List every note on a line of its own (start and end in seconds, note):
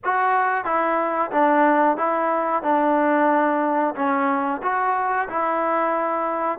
0.04 0.64 F#4
0.64 1.30 E4
1.31 1.97 D4
1.97 2.63 E4
2.63 3.94 D4
3.95 4.61 C#4
4.62 5.28 F#4
5.28 6.58 E4